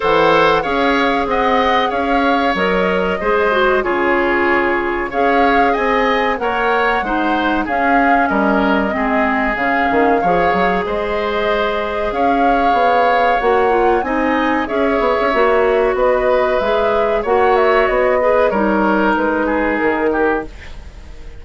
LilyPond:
<<
  \new Staff \with { instrumentName = "flute" } { \time 4/4 \tempo 4 = 94 fis''4 f''4 fis''4 f''4 | dis''2 cis''2 | f''4 gis''4 fis''2 | f''4 dis''2 f''4~ |
f''4 dis''2 f''4~ | f''4 fis''4 gis''4 e''4~ | e''4 dis''4 e''4 fis''8 e''8 | dis''4 cis''4 b'4 ais'4 | }
  \new Staff \with { instrumentName = "oboe" } { \time 4/4 c''4 cis''4 dis''4 cis''4~ | cis''4 c''4 gis'2 | cis''4 dis''4 cis''4 c''4 | gis'4 ais'4 gis'2 |
cis''4 c''2 cis''4~ | cis''2 dis''4 cis''4~ | cis''4 b'2 cis''4~ | cis''8 b'8 ais'4. gis'4 g'8 | }
  \new Staff \with { instrumentName = "clarinet" } { \time 4/4 a'4 gis'2. | ais'4 gis'8 fis'8 f'2 | gis'2 ais'4 dis'4 | cis'2 c'4 cis'4 |
gis'1~ | gis'4 fis'8 f'8 dis'4 gis'4 | fis'2 gis'4 fis'4~ | fis'8 gis'8 dis'2. | }
  \new Staff \with { instrumentName = "bassoon" } { \time 4/4 e4 cis'4 c'4 cis'4 | fis4 gis4 cis2 | cis'4 c'4 ais4 gis4 | cis'4 g4 gis4 cis8 dis8 |
f8 fis8 gis2 cis'4 | b4 ais4 c'4 cis'8 b16 cis'16 | ais4 b4 gis4 ais4 | b4 g4 gis4 dis4 | }
>>